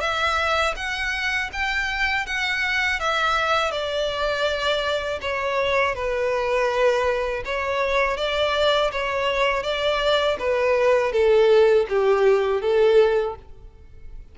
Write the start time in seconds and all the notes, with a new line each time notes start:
0.00 E5
0.76 F#5
1.52 G5
2.26 F#5
2.99 E5
3.71 D5
5.21 C#5
5.95 B4
7.44 C#5
8.17 D5
8.91 C#5
9.63 D5
10.39 B4
11.12 A4
11.89 G4
12.61 A4